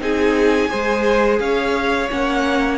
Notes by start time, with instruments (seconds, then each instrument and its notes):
0.00 cello C4, viola D#4, violin G#4 G#5
0.69 cello G#3, viola G#4, violin C5
1.40 cello C#4, violin C#5 F5
2.10 cello A#3, viola C#4, violin F#5